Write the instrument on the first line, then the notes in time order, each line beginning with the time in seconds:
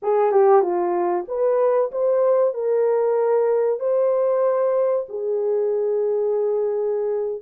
horn
0.02 G#4
0.31 G4
0.62 F4
1.27 B4
1.91 C5
2.54 A#4
3.79 C5
5.08 G#4